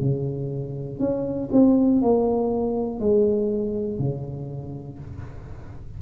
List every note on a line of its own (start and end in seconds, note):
0.00 0.99 C#3
0.99 1.49 C#4
1.52 2.01 C4
2.01 3.00 A#3
3.00 3.98 G#3
3.98 4.98 C#3